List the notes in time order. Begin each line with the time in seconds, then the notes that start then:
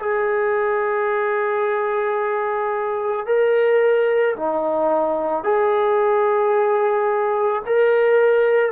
0.00 G#4
3.27 A#4
4.37 D#4
5.44 G#4
7.67 A#4